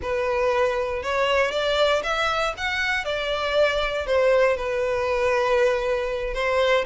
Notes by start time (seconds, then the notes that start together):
0.01 B4
1.02 C#5
1.51 D5
2.03 E5
2.57 F#5
3.04 D5
4.06 C5
4.56 B4
6.34 C5